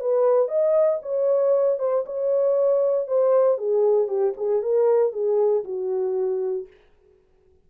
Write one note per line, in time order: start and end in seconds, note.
0.00 0.48 B4
0.48 0.99 D#5
1.02 1.79 C#5
1.79 2.04 C5
2.06 3.07 C#5
3.07 3.58 C5
3.58 4.07 G#4
4.07 4.33 G4
4.37 4.62 G#4
4.62 5.12 A#4
5.12 5.64 G#4
5.64 6.67 F#4